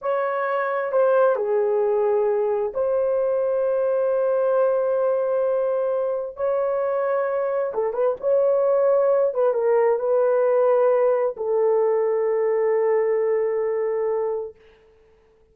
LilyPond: \new Staff \with { instrumentName = "horn" } { \time 4/4 \tempo 4 = 132 cis''2 c''4 gis'4~ | gis'2 c''2~ | c''1~ | c''2 cis''2~ |
cis''4 a'8 b'8 cis''2~ | cis''8 b'8 ais'4 b'2~ | b'4 a'2.~ | a'1 | }